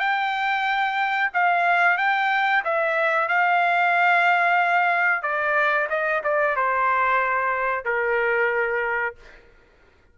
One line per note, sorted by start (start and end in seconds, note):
0.00 1.30 G5
1.34 1.98 F5
1.98 2.63 G5
2.65 3.29 E5
3.29 5.23 F5
5.23 5.88 D5
5.90 6.22 D#5
6.24 6.56 D5
6.56 7.85 C5
7.85 9.16 A#4